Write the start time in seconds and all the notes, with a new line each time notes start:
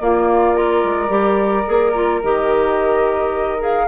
0.00 A#3 F4 D5
0.54 F4 A#4
0.83 G#3
1.08 G3 G4
1.66 A#3 G#4
1.94 F4
2.23 D#3 G4 D#5
3.59 G#4 F5